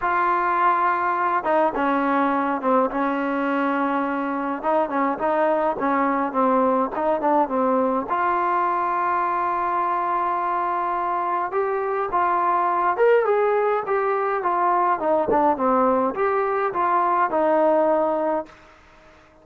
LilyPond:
\new Staff \with { instrumentName = "trombone" } { \time 4/4 \tempo 4 = 104 f'2~ f'8 dis'8 cis'4~ | cis'8 c'8 cis'2. | dis'8 cis'8 dis'4 cis'4 c'4 | dis'8 d'8 c'4 f'2~ |
f'1 | g'4 f'4. ais'8 gis'4 | g'4 f'4 dis'8 d'8 c'4 | g'4 f'4 dis'2 | }